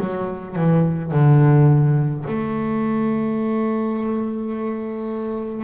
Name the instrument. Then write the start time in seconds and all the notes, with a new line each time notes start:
double bass
0.00 F#3
0.56 E3
1.12 D3
2.27 A3